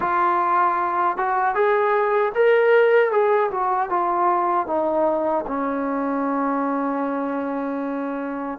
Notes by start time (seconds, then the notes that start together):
0.00 F4
1.17 F#4
1.54 G#4
2.34 A#4
3.11 G#4
3.50 F#4
3.89 F4
4.66 D#4
5.47 C#4